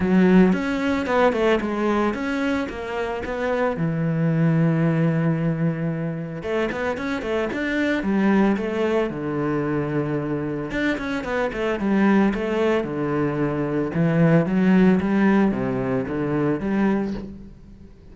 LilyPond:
\new Staff \with { instrumentName = "cello" } { \time 4/4 \tempo 4 = 112 fis4 cis'4 b8 a8 gis4 | cis'4 ais4 b4 e4~ | e1 | a8 b8 cis'8 a8 d'4 g4 |
a4 d2. | d'8 cis'8 b8 a8 g4 a4 | d2 e4 fis4 | g4 c4 d4 g4 | }